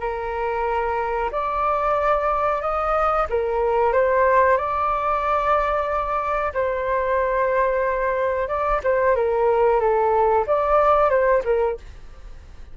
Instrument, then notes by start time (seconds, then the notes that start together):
flute
0.00 A#4
1.32 D5
2.62 D#5
3.30 A#4
3.93 C5
4.57 D5
6.54 C5
8.48 D5
8.84 C5
9.15 A#4
9.80 A4
10.47 D5
11.10 C5
11.45 A#4